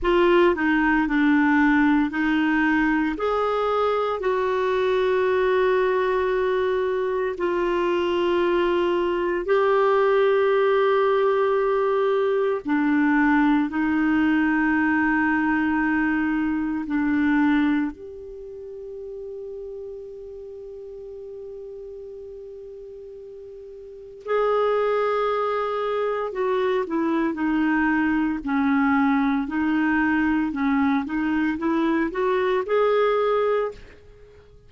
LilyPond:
\new Staff \with { instrumentName = "clarinet" } { \time 4/4 \tempo 4 = 57 f'8 dis'8 d'4 dis'4 gis'4 | fis'2. f'4~ | f'4 g'2. | d'4 dis'2. |
d'4 g'2.~ | g'2. gis'4~ | gis'4 fis'8 e'8 dis'4 cis'4 | dis'4 cis'8 dis'8 e'8 fis'8 gis'4 | }